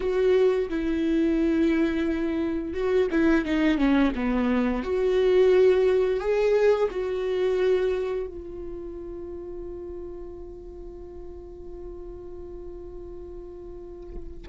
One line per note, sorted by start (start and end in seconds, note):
0.00 0.69 F#4
0.69 2.73 E4
2.73 3.08 F#4
3.11 3.45 E4
3.45 3.77 D#4
3.77 4.12 C#4
4.15 4.83 B3
4.83 6.19 F#4
6.19 6.88 G#4
6.90 8.26 F#4
8.26 14.47 F4